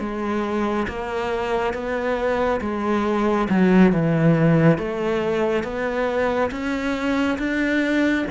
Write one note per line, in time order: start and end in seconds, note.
0.00 0.87 G#3
0.88 1.74 A#3
1.74 2.61 B3
2.61 3.48 G#3
3.50 3.92 F#3
3.92 4.78 E3
4.78 5.64 A3
5.64 6.51 B3
6.51 7.38 C#4
7.39 8.26 D4